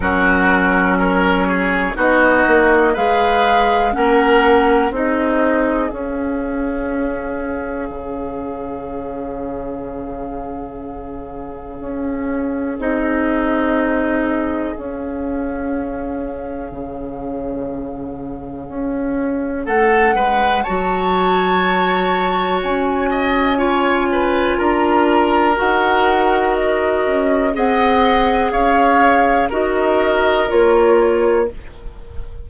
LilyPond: <<
  \new Staff \with { instrumentName = "flute" } { \time 4/4 \tempo 4 = 61 ais'4 cis''4 dis''4 f''4 | fis''4 dis''4 f''2~ | f''1~ | f''4 dis''2 f''4~ |
f''1 | fis''4 a''2 gis''4~ | gis''4 ais''4 fis''4 dis''4 | fis''4 f''4 dis''4 cis''4 | }
  \new Staff \with { instrumentName = "oboe" } { \time 4/4 fis'4 ais'8 gis'8 fis'4 b'4 | ais'4 gis'2.~ | gis'1~ | gis'1~ |
gis'1 | a'8 b'8 cis''2~ cis''8 dis''8 | cis''8 b'8 ais'2. | dis''4 cis''4 ais'2 | }
  \new Staff \with { instrumentName = "clarinet" } { \time 4/4 cis'2 dis'4 gis'4 | cis'4 dis'4 cis'2~ | cis'1~ | cis'4 dis'2 cis'4~ |
cis'1~ | cis'4 fis'2. | f'2 fis'2 | gis'2 fis'4 f'4 | }
  \new Staff \with { instrumentName = "bassoon" } { \time 4/4 fis2 b8 ais8 gis4 | ais4 c'4 cis'2 | cis1 | cis'4 c'2 cis'4~ |
cis'4 cis2 cis'4 | a8 gis8 fis2 cis'4~ | cis'4 d'4 dis'4. cis'8 | c'4 cis'4 dis'4 ais4 | }
>>